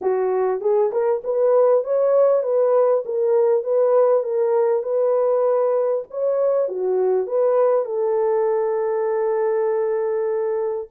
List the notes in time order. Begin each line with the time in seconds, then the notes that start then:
0.01 F#4
0.60 G#4
0.92 A#4
1.24 B4
1.83 C#5
2.42 B4
3.05 A#4
3.63 B4
4.23 A#4
4.82 B4
6.10 C#5
6.68 F#4
7.26 B4
7.85 A4